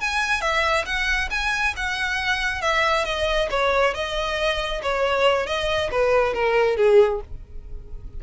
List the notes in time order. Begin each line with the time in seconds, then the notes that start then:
0.00 G#5
0.41 E5
0.85 F#5
1.30 G#5
1.76 F#5
2.62 E5
3.05 D#5
3.50 C#5
3.94 D#5
4.82 C#5
5.46 D#5
5.91 B4
6.33 A#4
6.77 G#4